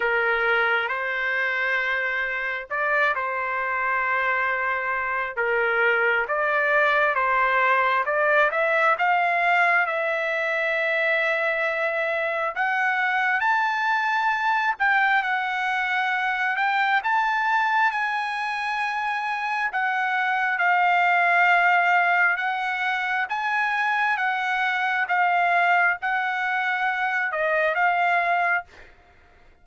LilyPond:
\new Staff \with { instrumentName = "trumpet" } { \time 4/4 \tempo 4 = 67 ais'4 c''2 d''8 c''8~ | c''2 ais'4 d''4 | c''4 d''8 e''8 f''4 e''4~ | e''2 fis''4 a''4~ |
a''8 g''8 fis''4. g''8 a''4 | gis''2 fis''4 f''4~ | f''4 fis''4 gis''4 fis''4 | f''4 fis''4. dis''8 f''4 | }